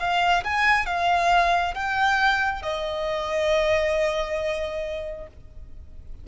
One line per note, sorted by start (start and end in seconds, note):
0.00 0.44 F5
0.45 0.87 G#5
0.87 1.75 F5
1.75 2.63 G5
2.63 5.27 D#5